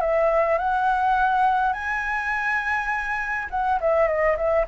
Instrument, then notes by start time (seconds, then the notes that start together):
flute
0.00 E5
0.58 F#5
1.73 G#5
3.50 F#5
3.80 E5
4.07 D#5
4.36 E5